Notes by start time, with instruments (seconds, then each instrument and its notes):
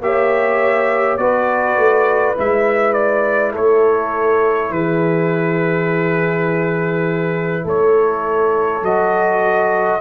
0.00 tuba A#3, trombone G4, horn C#5, trumpet E5
1.17 tuba B3, trombone F#4, horn B4, trumpet D5
1.77 tuba A3
2.35 tuba G#3, trombone E4, trumpet E5
2.93 trumpet D5
3.52 tuba A3, horn A4, trumpet C#5
4.71 tuba E3, horn G#4, trumpet B4
7.64 tuba A3, horn A4, trumpet C#5
8.82 tuba F#3, trombone F#4, trumpet D#5